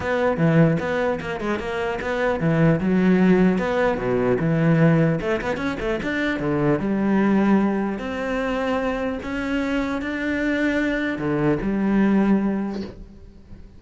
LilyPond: \new Staff \with { instrumentName = "cello" } { \time 4/4 \tempo 4 = 150 b4 e4 b4 ais8 gis8 | ais4 b4 e4 fis4~ | fis4 b4 b,4 e4~ | e4 a8 b8 cis'8 a8 d'4 |
d4 g2. | c'2. cis'4~ | cis'4 d'2. | d4 g2. | }